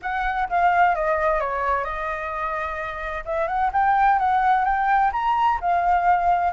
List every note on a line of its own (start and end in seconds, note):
0.01 0.48 F#5
0.49 0.95 F5
0.95 1.40 D#5
1.40 1.84 C#5
1.84 3.23 D#5
3.25 3.47 E5
3.47 3.70 F#5
3.72 4.18 G5
4.18 4.64 F#5
4.64 5.11 G5
5.12 5.59 A#5
5.60 6.52 F5